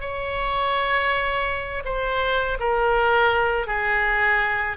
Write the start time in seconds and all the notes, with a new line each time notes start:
0.00 C#5
1.85 C5
2.59 A#4
3.67 G#4